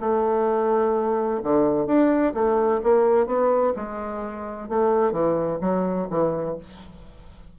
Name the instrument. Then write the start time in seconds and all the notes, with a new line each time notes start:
bassoon
0.00 A3
1.43 D3
1.86 D4
2.34 A3
2.83 A#3
3.26 B3
3.76 G#3
4.69 A3
5.12 E3
5.61 F#3
6.10 E3